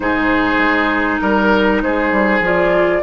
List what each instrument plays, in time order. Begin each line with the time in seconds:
0.00 bassoon G#2, clarinet D#4, oboe G#4, flute C5
0.58 bassoon G#3
1.20 bassoon G3, flute A#4, oboe A#4
1.82 bassoon G#3, oboe G#4, flute C5
2.11 bassoon G3
2.40 bassoon F3, clarinet F4, flute D5